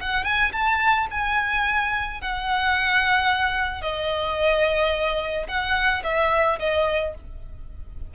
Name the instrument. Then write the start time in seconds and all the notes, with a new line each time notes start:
violin
0.00 F#5
0.24 G#5
0.52 A5
1.11 G#5
2.21 F#5
3.82 D#5
5.48 F#5
6.04 E5
6.59 D#5